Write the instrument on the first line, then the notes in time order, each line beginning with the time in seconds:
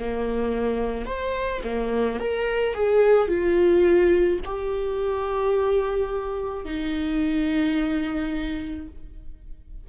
viola
0.00 A#3
1.06 C5
1.65 A#3
2.20 A#4
2.75 G#4
3.28 F4
4.45 G4
6.65 D#4